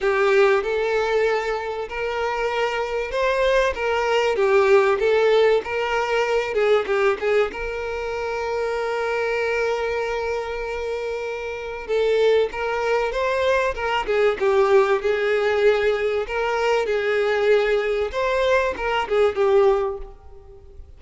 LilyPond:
\new Staff \with { instrumentName = "violin" } { \time 4/4 \tempo 4 = 96 g'4 a'2 ais'4~ | ais'4 c''4 ais'4 g'4 | a'4 ais'4. gis'8 g'8 gis'8 | ais'1~ |
ais'2. a'4 | ais'4 c''4 ais'8 gis'8 g'4 | gis'2 ais'4 gis'4~ | gis'4 c''4 ais'8 gis'8 g'4 | }